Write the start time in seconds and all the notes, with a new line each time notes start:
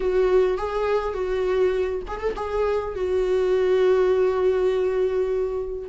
0.00 F#4
0.57 G#4
1.13 F#4
2.07 G#4
2.20 A4
2.36 G#4
2.95 F#4